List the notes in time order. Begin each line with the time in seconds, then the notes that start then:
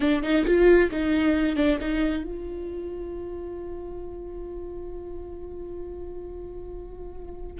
0.00 D4
0.22 D#4
0.45 F4
0.91 D#4
1.55 D4
1.80 D#4
2.23 F4